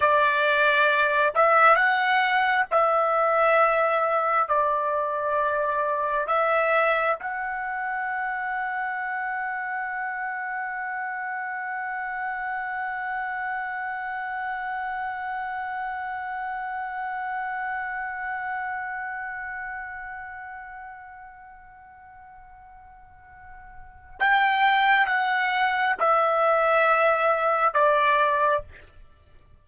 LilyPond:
\new Staff \with { instrumentName = "trumpet" } { \time 4/4 \tempo 4 = 67 d''4. e''8 fis''4 e''4~ | e''4 d''2 e''4 | fis''1~ | fis''1~ |
fis''1~ | fis''1~ | fis''2. g''4 | fis''4 e''2 d''4 | }